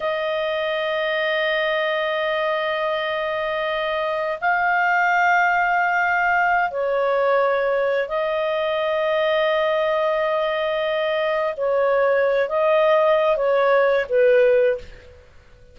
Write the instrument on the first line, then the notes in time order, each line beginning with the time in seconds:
clarinet
0.00 D#5
4.40 F5
6.70 C#5
8.08 D#5
11.56 C#5
12.48 D#5
13.36 C#5
14.08 B4